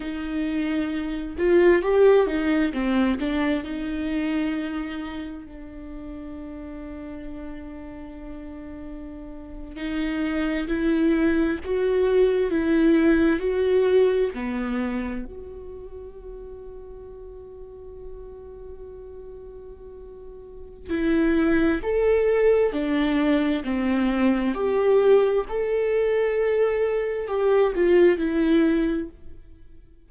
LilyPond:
\new Staff \with { instrumentName = "viola" } { \time 4/4 \tempo 4 = 66 dis'4. f'8 g'8 dis'8 c'8 d'8 | dis'2 d'2~ | d'2~ d'8. dis'4 e'16~ | e'8. fis'4 e'4 fis'4 b16~ |
b8. fis'2.~ fis'16~ | fis'2. e'4 | a'4 d'4 c'4 g'4 | a'2 g'8 f'8 e'4 | }